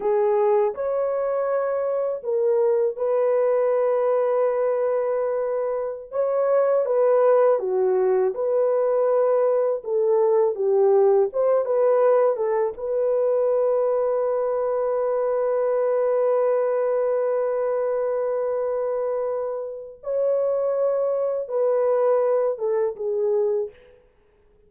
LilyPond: \new Staff \with { instrumentName = "horn" } { \time 4/4 \tempo 4 = 81 gis'4 cis''2 ais'4 | b'1~ | b'16 cis''4 b'4 fis'4 b'8.~ | b'4~ b'16 a'4 g'4 c''8 b'16~ |
b'8. a'8 b'2~ b'8.~ | b'1~ | b'2. cis''4~ | cis''4 b'4. a'8 gis'4 | }